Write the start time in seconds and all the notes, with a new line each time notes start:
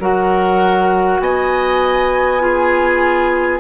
0.00 F#3 F#4 A#4 F#5
1.20 B3 D#5 G#5
2.40 F4 G#4